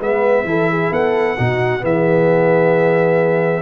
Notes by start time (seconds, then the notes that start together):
0.00 G#3 B3 B4 E5
0.45 E3 E4 A4
0.71 G#4
0.92 B3 A4 F#5
1.37 B2 D#4 F#4
1.80 E3 B3 G#4 E5